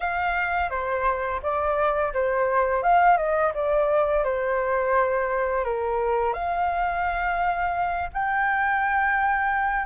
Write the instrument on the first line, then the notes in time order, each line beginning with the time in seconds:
flute
0.00 F5
0.69 C5
1.42 D5
2.13 C5
2.82 F5
3.17 D#5
3.54 D5
4.24 C5
5.64 A#4
6.33 F5
8.13 G5